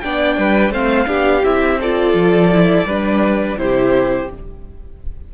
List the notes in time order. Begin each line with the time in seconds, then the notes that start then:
0.00 B3 D4 D5 G5
0.37 G3 B4
0.71 A3 C4 C5 F5
1.06 B3 D4 G4
1.44 C4 E4 E5
1.80 F4 A4 D5
2.13 F3
2.52 E4
2.84 G3 D4 B4
3.57 C3 E4 G4 C5